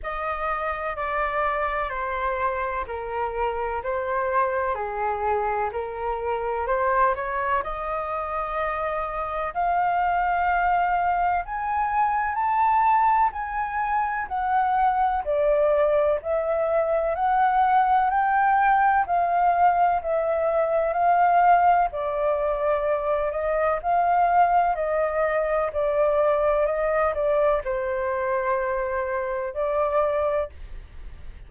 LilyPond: \new Staff \with { instrumentName = "flute" } { \time 4/4 \tempo 4 = 63 dis''4 d''4 c''4 ais'4 | c''4 gis'4 ais'4 c''8 cis''8 | dis''2 f''2 | gis''4 a''4 gis''4 fis''4 |
d''4 e''4 fis''4 g''4 | f''4 e''4 f''4 d''4~ | d''8 dis''8 f''4 dis''4 d''4 | dis''8 d''8 c''2 d''4 | }